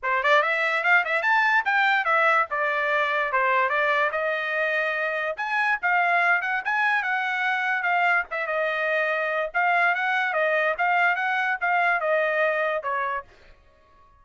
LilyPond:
\new Staff \with { instrumentName = "trumpet" } { \time 4/4 \tempo 4 = 145 c''8 d''8 e''4 f''8 e''8 a''4 | g''4 e''4 d''2 | c''4 d''4 dis''2~ | dis''4 gis''4 f''4. fis''8 |
gis''4 fis''2 f''4 | e''8 dis''2~ dis''8 f''4 | fis''4 dis''4 f''4 fis''4 | f''4 dis''2 cis''4 | }